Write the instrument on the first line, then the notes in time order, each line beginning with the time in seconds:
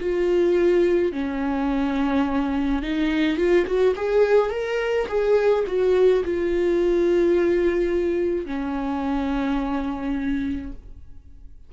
viola
0.00 F4
1.12 C#4
2.82 D#4
3.37 F4
3.66 F#4
3.96 G#4
4.50 A#4
5.08 G#4
5.67 F#4
6.24 F4
8.45 C#4